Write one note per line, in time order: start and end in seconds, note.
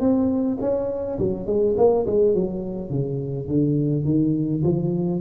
0.00 0.58 C4
0.61 1.18 C#4
1.19 1.46 F#3
1.46 1.75 G#3
1.77 2.06 A#3
2.06 2.34 G#3
2.34 2.90 F#3
2.90 3.47 C#3
3.47 4.05 D3
4.05 4.62 D#3
4.63 5.21 F3